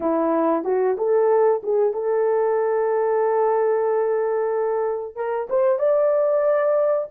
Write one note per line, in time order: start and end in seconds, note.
0.00 0.64 E4
0.64 0.96 F#4
0.97 1.62 A4
1.63 1.93 G#4
1.93 5.15 A4
5.15 5.48 A#4
5.49 5.78 C5
5.78 7.07 D5